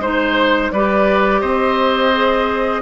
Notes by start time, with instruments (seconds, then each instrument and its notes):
0.00 bassoon G#3, clarinet D#4, oboe C5, flute C5
0.72 bassoon G3, clarinet G4, oboe B4, flute D5
1.41 bassoon C4, oboe C5, flute D#5
2.14 clarinet G#4